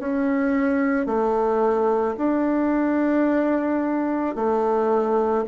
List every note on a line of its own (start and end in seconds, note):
0.00 1.07 C#4
1.07 2.16 A3
2.18 4.36 D4
4.36 5.45 A3